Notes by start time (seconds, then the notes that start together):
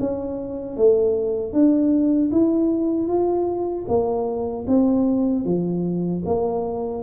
0.00 C#4
0.77 A3
1.53 D4
2.32 E4
3.07 F4
3.88 A#3
4.68 C4
5.45 F3
6.25 A#3